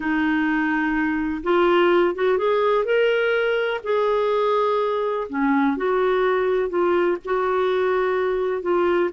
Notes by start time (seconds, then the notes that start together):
0.00 D#4
1.43 F4
2.14 F#4
2.38 G#4
2.85 A#4
3.83 G#4
5.29 C#4
5.76 F#4
6.69 F4
7.24 F#4
8.62 F4